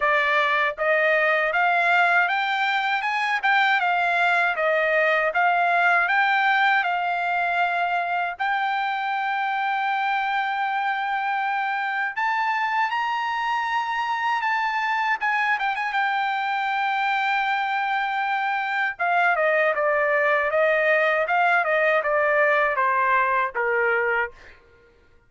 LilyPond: \new Staff \with { instrumentName = "trumpet" } { \time 4/4 \tempo 4 = 79 d''4 dis''4 f''4 g''4 | gis''8 g''8 f''4 dis''4 f''4 | g''4 f''2 g''4~ | g''1 |
a''4 ais''2 a''4 | gis''8 g''16 gis''16 g''2.~ | g''4 f''8 dis''8 d''4 dis''4 | f''8 dis''8 d''4 c''4 ais'4 | }